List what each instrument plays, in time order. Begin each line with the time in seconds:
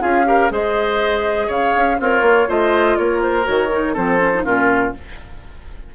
0.00 bassoon C#4, clarinet F4, oboe G#4, flute F5
0.25 clarinet G4, oboe A#4
0.50 bassoon G#3, clarinet G#4, oboe C5, flute D#5
1.47 bassoon C#3, oboe C#5, flute F5
1.75 bassoon C#4
1.99 bassoon C4, oboe F4, clarinet A#4, flute C#5
2.21 bassoon A#3
2.48 bassoon A3, clarinet F4, oboe C5, flute D#5
2.97 bassoon A#3, oboe A#4, flute C#5
3.22 flute C5
3.43 bassoon D#3, clarinet F#4, flute C#5
3.71 clarinet D#4
3.93 bassoon F3, clarinet C4, oboe A4, flute C5
4.18 clarinet C#4
4.34 clarinet D#4
4.44 bassoon A#2, clarinet C#4, oboe F4, flute A#4